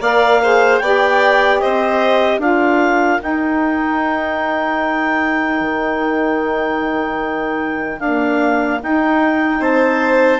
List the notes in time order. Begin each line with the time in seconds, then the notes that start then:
0.00 A#3 A#4 D5 F5
0.42 G#4 C5
0.78 B3 G4 D5 G5
1.59 C4 C5 D#5
2.37 D4 F4 A#4 F5
3.20 D#4 G5
5.60 D#3
7.99 A#3 D4 F5
8.83 D#4 G5
9.60 C4 C5 A5